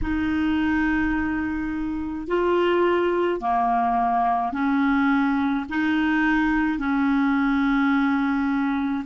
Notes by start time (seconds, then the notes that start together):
0.01 D#4
2.27 F4
3.40 A#3
4.52 C#4
5.69 D#4
6.78 C#4